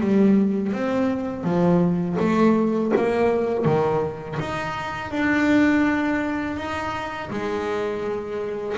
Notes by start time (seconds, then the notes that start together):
0.00 G3
0.72 C4
1.43 F3
2.19 A3
2.96 A#3
3.65 D#3
4.39 D#4
5.11 D4
6.56 D#4
7.30 G#3